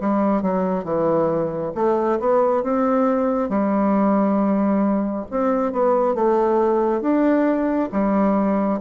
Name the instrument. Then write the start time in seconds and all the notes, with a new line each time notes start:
bassoon
0.00 G3
0.42 F#3
0.84 E3
1.74 A3
2.19 B3
2.63 C4
3.49 G3
5.30 C4
5.72 B3
6.14 A3
7.01 D4
7.92 G3